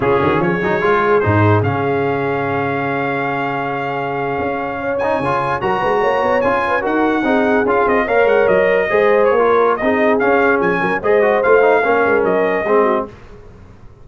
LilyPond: <<
  \new Staff \with { instrumentName = "trumpet" } { \time 4/4 \tempo 4 = 147 gis'4 cis''2 c''4 | f''1~ | f''1~ | f''16 gis''4. ais''2 gis''16~ |
gis''8. fis''2 f''8 dis''8 f''16~ | f''16 fis''8 dis''2 cis''4~ cis''16 | dis''4 f''4 gis''4 dis''4 | f''2 dis''2 | }
  \new Staff \with { instrumentName = "horn" } { \time 4/4 f'8 fis'8 gis'2.~ | gis'1~ | gis'2.~ gis'8. cis''16~ | cis''4.~ cis''16 ais'8 b'8 cis''4~ cis''16~ |
cis''16 b'8 ais'4 gis'2 cis''16~ | cis''4.~ cis''16 c''4~ c''16 ais'4 | gis'2~ gis'8 ais'8 c''4~ | c''4 ais'2 gis'8 fis'8 | }
  \new Staff \with { instrumentName = "trombone" } { \time 4/4 cis'4. dis'8 f'4 dis'4 | cis'1~ | cis'1~ | cis'16 dis'8 f'4 fis'2 f'16~ |
f'8. fis'4 dis'4 f'4 ais'16~ | ais'4.~ ais'16 gis'4~ gis'16 f'4 | dis'4 cis'2 gis'8 fis'8 | f'8 dis'8 cis'2 c'4 | }
  \new Staff \with { instrumentName = "tuba" } { \time 4/4 cis8 dis8 f8 fis8 gis4 gis,4 | cis1~ | cis2~ cis8. cis'4~ cis'16~ | cis'8. cis4 fis8 gis8 ais8 b8 cis'16~ |
cis'8. dis'4 c'4 cis'8 c'8 ais16~ | ais16 gis8 fis4 gis4 ais4~ ais16 | c'4 cis'4 f8 fis8 gis4 | a4 ais8 gis8 fis4 gis4 | }
>>